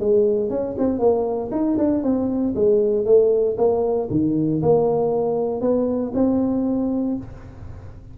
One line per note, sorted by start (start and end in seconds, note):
0.00 0.50 G#3
0.50 0.76 C#4
0.78 0.99 C4
0.99 1.50 A#3
1.52 1.77 D#4
1.78 2.03 D4
2.03 2.55 C4
2.55 3.06 G#3
3.06 3.57 A3
3.58 4.09 A#3
4.10 4.62 D#3
4.62 5.61 A#3
5.61 6.12 B3
6.14 7.17 C4